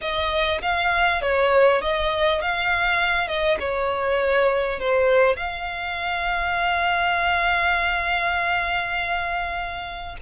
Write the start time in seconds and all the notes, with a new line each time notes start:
0.01 D#5
0.61 F5
1.21 C#5
1.81 D#5
2.41 F5
3.27 D#5
3.59 C#5
4.79 C5
5.36 F5